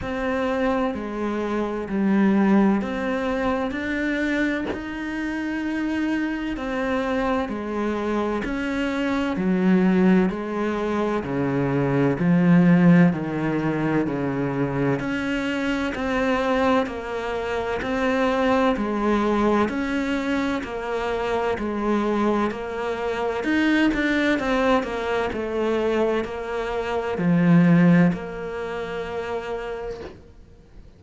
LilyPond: \new Staff \with { instrumentName = "cello" } { \time 4/4 \tempo 4 = 64 c'4 gis4 g4 c'4 | d'4 dis'2 c'4 | gis4 cis'4 fis4 gis4 | cis4 f4 dis4 cis4 |
cis'4 c'4 ais4 c'4 | gis4 cis'4 ais4 gis4 | ais4 dis'8 d'8 c'8 ais8 a4 | ais4 f4 ais2 | }